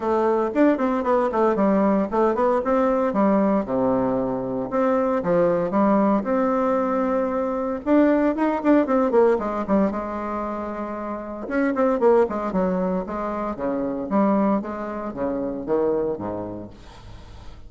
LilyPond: \new Staff \with { instrumentName = "bassoon" } { \time 4/4 \tempo 4 = 115 a4 d'8 c'8 b8 a8 g4 | a8 b8 c'4 g4 c4~ | c4 c'4 f4 g4 | c'2. d'4 |
dis'8 d'8 c'8 ais8 gis8 g8 gis4~ | gis2 cis'8 c'8 ais8 gis8 | fis4 gis4 cis4 g4 | gis4 cis4 dis4 gis,4 | }